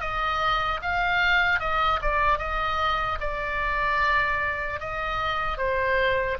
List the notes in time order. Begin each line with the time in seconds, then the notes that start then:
0.00 D#5
0.82 F5
1.59 D#5
2.01 D5
2.38 D#5
3.20 D5
4.80 D#5
5.57 C5